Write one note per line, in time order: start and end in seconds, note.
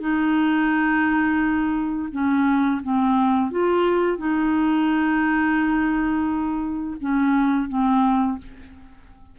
0.00 2.09 D#4
2.12 2.82 C#4
2.83 3.51 C4
3.51 4.18 F4
4.18 6.97 D#4
7.01 7.69 C#4
7.69 8.38 C4